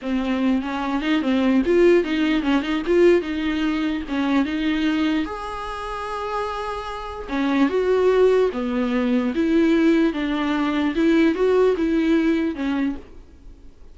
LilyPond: \new Staff \with { instrumentName = "viola" } { \time 4/4 \tempo 4 = 148 c'4. cis'4 dis'8 c'4 | f'4 dis'4 cis'8 dis'8 f'4 | dis'2 cis'4 dis'4~ | dis'4 gis'2.~ |
gis'2 cis'4 fis'4~ | fis'4 b2 e'4~ | e'4 d'2 e'4 | fis'4 e'2 cis'4 | }